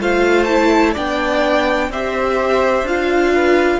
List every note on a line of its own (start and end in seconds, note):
0.00 0.95 A3
0.00 0.48 F4
0.00 0.93 C5
0.00 0.44 F5
0.44 0.95 E4
0.44 0.91 A5
0.93 1.89 B3
0.93 1.90 D4
0.93 1.88 D5
0.93 1.92 G5
1.89 2.83 C4
1.89 2.87 G4
1.89 3.34 C5
1.89 2.87 E5
2.83 3.78 D4
2.83 3.80 F4
2.83 3.80 F5
3.34 3.80 B4